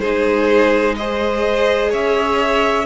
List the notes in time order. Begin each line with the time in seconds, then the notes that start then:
0.00 G#3 D#4 G#4 C5
0.96 G#4 C5 D#5
1.90 C#4 C#5 E5